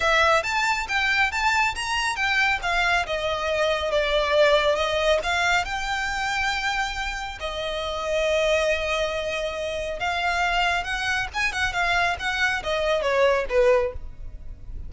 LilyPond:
\new Staff \with { instrumentName = "violin" } { \time 4/4 \tempo 4 = 138 e''4 a''4 g''4 a''4 | ais''4 g''4 f''4 dis''4~ | dis''4 d''2 dis''4 | f''4 g''2.~ |
g''4 dis''2.~ | dis''2. f''4~ | f''4 fis''4 gis''8 fis''8 f''4 | fis''4 dis''4 cis''4 b'4 | }